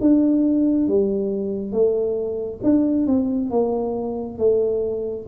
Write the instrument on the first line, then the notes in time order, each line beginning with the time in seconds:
tuba
0.00 D4
0.88 G3
1.72 A3
2.63 D4
3.06 C4
3.50 A#3
4.38 A3